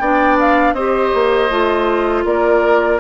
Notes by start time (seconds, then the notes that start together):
0.00 B3 D4 D5 G5
0.40 F5
0.73 C4 G4 C5 D#5
1.14 A#3
1.51 A3 F4
2.25 A#3 A#4 D5